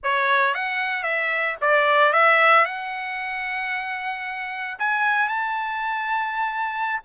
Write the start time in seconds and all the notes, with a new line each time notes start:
0.03 C#5
0.54 F#5
1.03 E5
1.61 D5
2.12 E5
2.65 F#5
4.78 G#5
5.28 A5